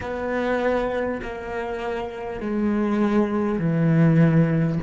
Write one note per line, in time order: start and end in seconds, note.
0.01 1.21 B3
1.22 2.40 A#3
2.40 3.58 G#3
3.58 4.78 E3